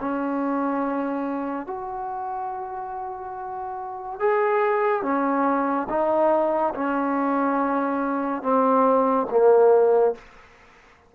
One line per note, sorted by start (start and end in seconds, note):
0.00 1.66 C#4
1.66 4.19 F#4
4.19 5.02 G#4
5.02 5.87 C#4
5.89 6.74 D#4
6.74 8.42 C#4
8.42 9.27 C4
9.30 10.15 A#3